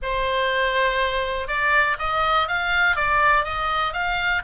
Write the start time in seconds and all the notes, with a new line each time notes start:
0.02 C5
1.47 D5
1.99 D#5
2.47 F5
2.96 D5
3.44 D#5
3.93 F5